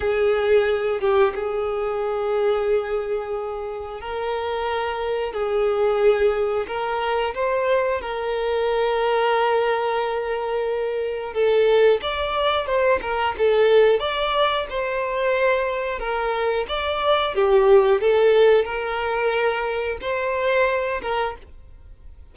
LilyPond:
\new Staff \with { instrumentName = "violin" } { \time 4/4 \tempo 4 = 90 gis'4. g'8 gis'2~ | gis'2 ais'2 | gis'2 ais'4 c''4 | ais'1~ |
ais'4 a'4 d''4 c''8 ais'8 | a'4 d''4 c''2 | ais'4 d''4 g'4 a'4 | ais'2 c''4. ais'8 | }